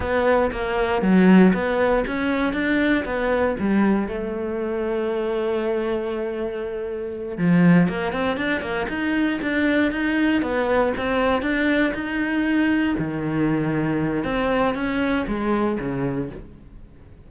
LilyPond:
\new Staff \with { instrumentName = "cello" } { \time 4/4 \tempo 4 = 118 b4 ais4 fis4 b4 | cis'4 d'4 b4 g4 | a1~ | a2~ a8 f4 ais8 |
c'8 d'8 ais8 dis'4 d'4 dis'8~ | dis'8 b4 c'4 d'4 dis'8~ | dis'4. dis2~ dis8 | c'4 cis'4 gis4 cis4 | }